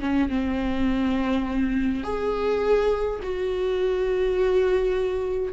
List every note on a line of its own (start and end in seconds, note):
0.00 0.29 C#4
0.29 2.04 C4
2.04 3.20 G#4
3.23 5.53 F#4